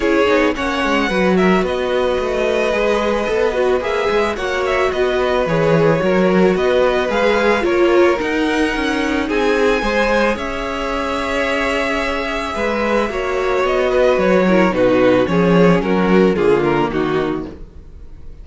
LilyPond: <<
  \new Staff \with { instrumentName = "violin" } { \time 4/4 \tempo 4 = 110 cis''4 fis''4. e''8 dis''4~ | dis''2. e''4 | fis''8 e''8 dis''4 cis''2 | dis''4 f''4 cis''4 fis''4~ |
fis''4 gis''2 e''4~ | e''1~ | e''4 dis''4 cis''4 b'4 | cis''4 ais'4 gis'8 ais'8 fis'4 | }
  \new Staff \with { instrumentName = "violin" } { \time 4/4 gis'4 cis''4 b'8 ais'8 b'4~ | b'1 | cis''4 b'2 ais'4 | b'2 ais'2~ |
ais'4 gis'4 c''4 cis''4~ | cis''2. b'4 | cis''4. b'4 ais'8 fis'4 | gis'4 fis'4 f'4 dis'4 | }
  \new Staff \with { instrumentName = "viola" } { \time 4/4 e'8 dis'8 cis'4 fis'2~ | fis'4 gis'4 a'8 fis'8 gis'4 | fis'2 gis'4 fis'4~ | fis'4 gis'4 f'4 dis'4~ |
dis'2 gis'2~ | gis'1 | fis'2~ fis'8 e'8 dis'4 | cis'2 ais2 | }
  \new Staff \with { instrumentName = "cello" } { \time 4/4 cis'8 b8 ais8 gis8 fis4 b4 | a4 gis4 b4 ais8 gis8 | ais4 b4 e4 fis4 | b4 gis4 ais4 dis'4 |
cis'4 c'4 gis4 cis'4~ | cis'2. gis4 | ais4 b4 fis4 b,4 | f4 fis4 d4 dis4 | }
>>